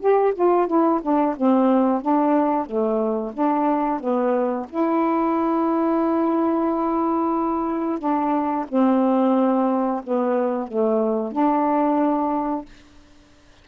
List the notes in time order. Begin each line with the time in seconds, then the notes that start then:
0.00 G4
0.34 F4
0.67 E4
1.02 D4
1.36 C4
2.01 D4
2.66 A3
3.33 D4
4.00 B3
4.69 E4
7.99 D4
8.68 C4
10.04 B3
10.68 A3
11.32 D4